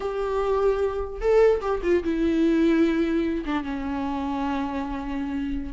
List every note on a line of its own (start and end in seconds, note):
0.00 1.20 G4
1.20 1.61 A4
1.61 1.81 G4
1.82 2.03 F4
2.03 3.44 E4
3.45 3.63 D4
3.63 5.73 C#4